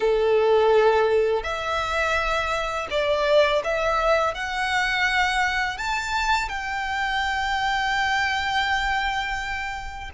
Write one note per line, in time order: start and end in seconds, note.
0.00 1.43 A4
1.43 2.87 E5
2.90 3.62 D5
3.64 4.34 E5
4.34 5.77 F#5
5.77 6.49 A5
6.49 10.10 G5